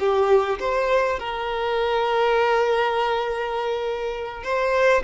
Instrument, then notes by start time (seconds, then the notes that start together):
violin
0.00 G4
0.60 C5
1.20 A#4
4.44 C5